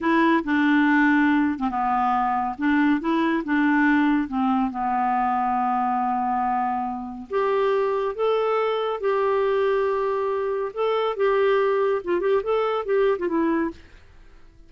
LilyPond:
\new Staff \with { instrumentName = "clarinet" } { \time 4/4 \tempo 4 = 140 e'4 d'2~ d'8. c'16 | b2 d'4 e'4 | d'2 c'4 b4~ | b1~ |
b4 g'2 a'4~ | a'4 g'2.~ | g'4 a'4 g'2 | f'8 g'8 a'4 g'8. f'16 e'4 | }